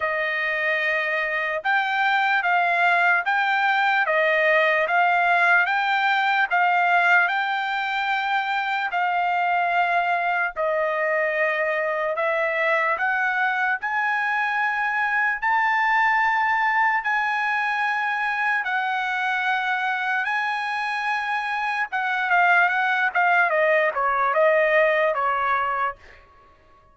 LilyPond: \new Staff \with { instrumentName = "trumpet" } { \time 4/4 \tempo 4 = 74 dis''2 g''4 f''4 | g''4 dis''4 f''4 g''4 | f''4 g''2 f''4~ | f''4 dis''2 e''4 |
fis''4 gis''2 a''4~ | a''4 gis''2 fis''4~ | fis''4 gis''2 fis''8 f''8 | fis''8 f''8 dis''8 cis''8 dis''4 cis''4 | }